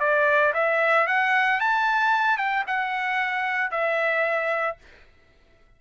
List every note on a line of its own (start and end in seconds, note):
0.00 0.53 D5
0.54 1.07 E5
1.07 1.60 F#5
1.60 2.37 A5
2.37 2.64 G5
2.67 3.71 F#5
3.71 4.77 E5